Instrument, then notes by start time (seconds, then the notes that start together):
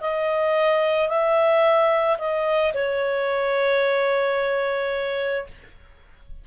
clarinet
0.00 D#5
1.08 E5
2.18 D#5
2.74 C#5